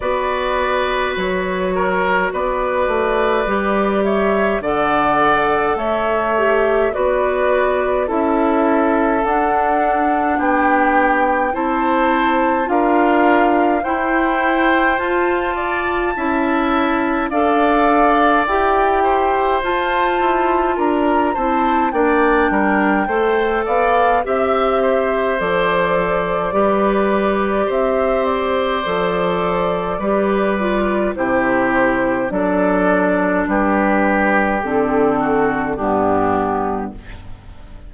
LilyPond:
<<
  \new Staff \with { instrumentName = "flute" } { \time 4/4 \tempo 4 = 52 d''4 cis''4 d''4. e''8 | fis''4 e''4 d''4 e''4 | fis''4 g''4 a''4 f''4 | g''4 a''2 f''4 |
g''4 a''4 ais''8 a''8 g''4~ | g''8 f''8 e''4 d''2 | e''8 d''2~ d''8 c''4 | d''4 b'4 a'4 g'4 | }
  \new Staff \with { instrumentName = "oboe" } { \time 4/4 b'4. ais'8 b'4. cis''8 | d''4 cis''4 b'4 a'4~ | a'4 g'4 c''4 ais'4 | c''4. d''8 e''4 d''4~ |
d''8 c''4. ais'8 c''8 d''8 ais'8 | c''8 d''8 e''8 c''4. b'4 | c''2 b'4 g'4 | a'4 g'4. fis'8 d'4 | }
  \new Staff \with { instrumentName = "clarinet" } { \time 4/4 fis'2. g'4 | a'4. g'8 fis'4 e'4 | d'2 e'4 f'4 | e'4 f'4 e'4 a'4 |
g'4 f'4. e'8 d'4 | a'4 g'4 a'4 g'4~ | g'4 a'4 g'8 f'8 e'4 | d'2 c'4 b4 | }
  \new Staff \with { instrumentName = "bassoon" } { \time 4/4 b4 fis4 b8 a8 g4 | d4 a4 b4 cis'4 | d'4 b4 c'4 d'4 | e'4 f'4 cis'4 d'4 |
e'4 f'8 e'8 d'8 c'8 ais8 g8 | a8 b8 c'4 f4 g4 | c'4 f4 g4 c4 | fis4 g4 d4 g,4 | }
>>